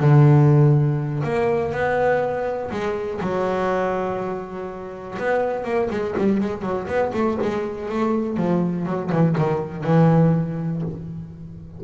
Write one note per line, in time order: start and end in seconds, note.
0.00 1.23 D3
1.24 1.72 A#3
1.72 2.70 B3
2.71 3.21 G#3
3.21 5.18 F#3
5.19 5.64 B3
5.64 5.89 A#3
5.90 6.15 G#3
6.17 6.41 G3
6.41 6.63 G#3
6.63 6.87 F#3
6.87 7.12 B3
7.14 7.38 A3
7.42 7.89 G#3
7.89 8.37 A3
8.37 8.86 F3
8.86 9.11 F#3
9.12 9.36 E3
9.38 9.84 D#3
9.84 10.82 E3